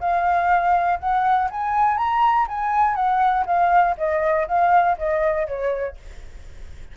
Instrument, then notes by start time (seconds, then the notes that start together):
flute
0.00 F5
1.00 F#5
1.51 G#5
1.97 A#5
2.48 G#5
2.95 F#5
3.46 F5
3.98 D#5
4.48 F5
4.98 D#5
5.47 C#5